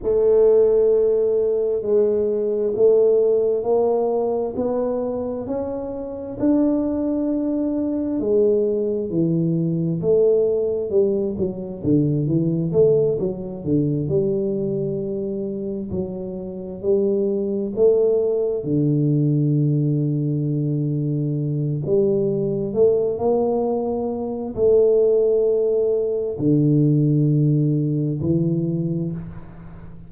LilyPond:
\new Staff \with { instrumentName = "tuba" } { \time 4/4 \tempo 4 = 66 a2 gis4 a4 | ais4 b4 cis'4 d'4~ | d'4 gis4 e4 a4 | g8 fis8 d8 e8 a8 fis8 d8 g8~ |
g4. fis4 g4 a8~ | a8 d2.~ d8 | g4 a8 ais4. a4~ | a4 d2 e4 | }